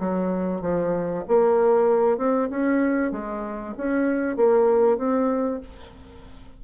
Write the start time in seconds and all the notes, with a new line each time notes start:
0.00 F#3
0.61 F3
1.28 A#3
2.18 C4
2.50 C#4
3.12 G#3
3.78 C#4
4.36 A#3
4.98 C4